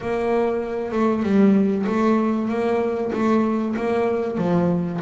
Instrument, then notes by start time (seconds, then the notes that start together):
double bass
0.00 A#3
0.91 A3
1.22 G3
1.86 A3
2.49 A#3
3.12 A3
3.76 A#3
4.37 F3